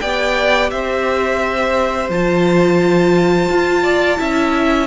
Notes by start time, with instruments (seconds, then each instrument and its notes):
0.00 cello B3, viola G4, violin D5 G5
0.70 cello C4, violin C5 E5
2.09 cello F3, viola F4, violin A5
3.49 cello F4
3.83 violin D5
4.17 cello C#4, viola E4, violin E5